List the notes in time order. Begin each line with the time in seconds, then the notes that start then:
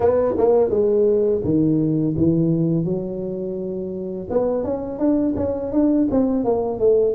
0.00 B3
0.37 A#3
0.69 G#3
1.44 D#3
2.16 E3
2.84 F#3
4.30 B3
4.64 C#4
4.98 D4
5.36 C#4
5.72 D4
6.10 C4
6.44 A#3
6.79 A3